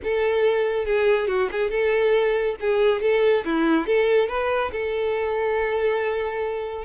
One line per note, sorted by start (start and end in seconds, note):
0.03 0.85 A4
0.85 1.27 G#4
1.27 1.49 F#4
1.51 1.70 G#4
1.70 2.56 A4
2.60 3.01 G#4
3.01 3.44 A4
3.45 3.86 E4
3.86 4.28 A4
4.28 4.71 B4
4.72 6.84 A4